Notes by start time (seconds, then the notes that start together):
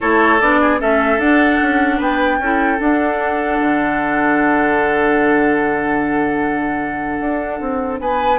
0.00 A3 E4 A4 C#5
0.40 B3 D4 D5
0.61 G#4
0.79 A3 C#4 A4 E5
1.19 D4 F#5
1.62 C#4
1.97 B3 B4 G5
2.38 C#4 E4 A4
2.78 D4 F#5
3.60 D3
7.20 D4
7.60 C4
7.99 B3 B4 G#5